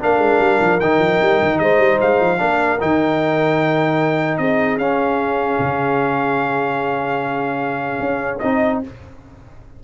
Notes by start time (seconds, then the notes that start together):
0.00 A#3 D4 A#4 F5
0.19 G#3
0.39 G3
0.61 F3
0.80 D#3 D#4 G5
0.99 F3
1.21 G3
1.42 D#3
1.59 G#3 C5 D#5
1.78 G3
2.01 G#3 F5
2.20 F3
2.38 A#3 D4 A#4
2.80 D#3 D#4 G5
4.38 C4 G#4 D#5
4.78 C#4 F5
5.59 C#3
8.00 C#4
8.39 C4 D#4 D#5